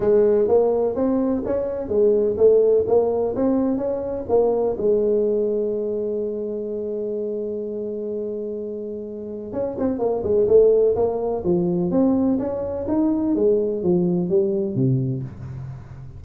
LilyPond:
\new Staff \with { instrumentName = "tuba" } { \time 4/4 \tempo 4 = 126 gis4 ais4 c'4 cis'4 | gis4 a4 ais4 c'4 | cis'4 ais4 gis2~ | gis1~ |
gis1 | cis'8 c'8 ais8 gis8 a4 ais4 | f4 c'4 cis'4 dis'4 | gis4 f4 g4 c4 | }